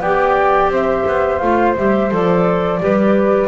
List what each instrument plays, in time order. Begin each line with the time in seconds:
0.00 double bass B3, clarinet G4, flute D5 G5
0.69 double bass C4, flute C5 E5
1.08 double bass B3
1.39 double bass A3, clarinet F4, flute F5
1.77 double bass G3, clarinet G4, flute E5
2.10 double bass F3, clarinet A4, flute D5
2.80 double bass G3, clarinet G4, flute B4